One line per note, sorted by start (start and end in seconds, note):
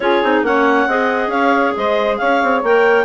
0.00 0.22 C#4
0.00 0.23 F4
0.00 0.45 G#4
0.00 0.43 C#5
0.23 0.42 C4
0.23 0.44 D#4
0.42 0.86 A#3
0.42 0.88 C#4
0.42 0.88 C#5
0.42 1.30 F#5
0.87 1.27 C4
0.87 2.64 G#4
0.87 1.31 D#5
1.27 1.71 C#4
1.27 1.75 C#5
1.27 1.73 F5
1.76 2.20 G#3
1.76 2.19 C5
1.76 2.17 D#5
2.17 2.42 C#4
2.17 3.04 C#5
2.17 2.61 F5
2.42 2.62 C4
2.62 3.04 A#3
2.62 3.04 A#4
2.62 3.04 G5